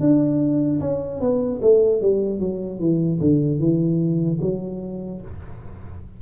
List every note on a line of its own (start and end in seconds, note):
0.00 0.80 D4
0.80 1.20 C#4
1.20 1.60 B3
1.62 2.01 A3
2.01 2.40 G3
2.40 2.79 F#3
2.79 3.19 E3
3.20 3.59 D3
3.59 4.39 E3
4.41 5.21 F#3